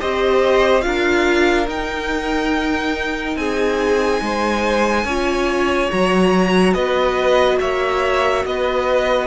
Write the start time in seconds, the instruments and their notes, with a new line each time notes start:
0.00 cello C4, viola G4, violin C5 D#5
0.82 cello D4, viola F4, violin A#4 F5
1.67 cello D#4, viola D#4, violin G5
3.36 cello C4, violin G#4 G#5
4.21 cello G#3, violin C5
5.05 cello C#4, viola F4, violin C#5
5.91 cello F#3, viola F#4, violin A#5
6.74 cello B3, violin B4 D#5
7.61 cello A#3, violin C#5 E5
8.45 cello B3, violin B4 D#5